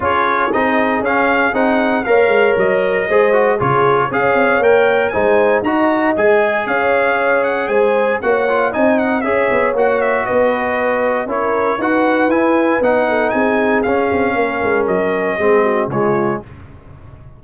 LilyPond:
<<
  \new Staff \with { instrumentName = "trumpet" } { \time 4/4 \tempo 4 = 117 cis''4 dis''4 f''4 fis''4 | f''4 dis''2 cis''4 | f''4 g''4 gis''4 ais''4 | gis''4 f''4. fis''8 gis''4 |
fis''4 gis''8 fis''8 e''4 fis''8 e''8 | dis''2 cis''4 fis''4 | gis''4 fis''4 gis''4 f''4~ | f''4 dis''2 cis''4 | }
  \new Staff \with { instrumentName = "horn" } { \time 4/4 gis'1 | cis''2 c''4 gis'4 | cis''2 c''4 dis''4~ | dis''4 cis''2 c''4 |
cis''4 dis''4 cis''2 | b'2 ais'4 b'4~ | b'4. a'8 gis'2 | ais'2 gis'8 fis'8 f'4 | }
  \new Staff \with { instrumentName = "trombone" } { \time 4/4 f'4 dis'4 cis'4 dis'4 | ais'2 gis'8 fis'8 f'4 | gis'4 ais'4 dis'4 fis'4 | gis'1 |
fis'8 f'8 dis'4 gis'4 fis'4~ | fis'2 e'4 fis'4 | e'4 dis'2 cis'4~ | cis'2 c'4 gis4 | }
  \new Staff \with { instrumentName = "tuba" } { \time 4/4 cis'4 c'4 cis'4 c'4 | ais8 gis8 fis4 gis4 cis4 | cis'8 c'8 ais4 gis4 dis'4 | gis4 cis'2 gis4 |
ais4 c'4 cis'8 b8 ais4 | b2 cis'4 dis'4 | e'4 b4 c'4 cis'8 c'8 | ais8 gis8 fis4 gis4 cis4 | }
>>